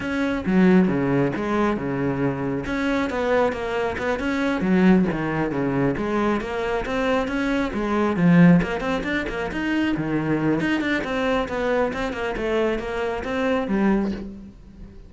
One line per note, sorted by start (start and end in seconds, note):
0.00 0.44 C#4
0.45 0.87 F#3
0.87 1.32 C#3
1.36 1.76 G#3
1.76 2.65 C#3
2.66 3.10 C#4
3.10 3.52 B3
3.52 3.96 A#3
3.97 4.19 B3
4.19 4.61 C#4
4.61 5.05 F#3
5.11 5.51 D#3
5.51 5.95 C#3
5.97 6.41 G#3
6.41 6.85 A#3
6.85 7.27 C4
7.27 7.71 C#4
7.73 8.16 G#3
8.16 8.60 F3
8.62 8.80 A#3
8.80 9.02 C4
9.03 9.25 D4
9.29 9.51 A#3
9.51 9.95 D#4
9.97 10.60 D#3
10.60 10.80 D#4
10.80 11.03 D4
11.04 11.48 C4
11.48 11.92 B3
11.93 12.13 C4
12.13 12.35 A#3
12.36 12.78 A3
12.78 13.23 A#3
13.24 13.67 C4
13.67 14.11 G3